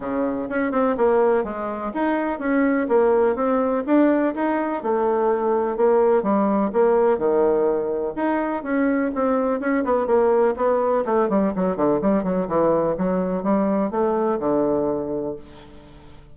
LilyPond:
\new Staff \with { instrumentName = "bassoon" } { \time 4/4 \tempo 4 = 125 cis4 cis'8 c'8 ais4 gis4 | dis'4 cis'4 ais4 c'4 | d'4 dis'4 a2 | ais4 g4 ais4 dis4~ |
dis4 dis'4 cis'4 c'4 | cis'8 b8 ais4 b4 a8 g8 | fis8 d8 g8 fis8 e4 fis4 | g4 a4 d2 | }